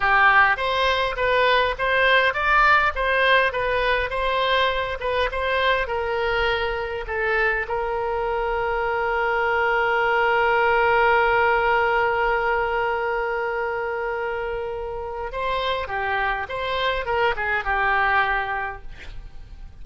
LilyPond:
\new Staff \with { instrumentName = "oboe" } { \time 4/4 \tempo 4 = 102 g'4 c''4 b'4 c''4 | d''4 c''4 b'4 c''4~ | c''8 b'8 c''4 ais'2 | a'4 ais'2.~ |
ais'1~ | ais'1~ | ais'2 c''4 g'4 | c''4 ais'8 gis'8 g'2 | }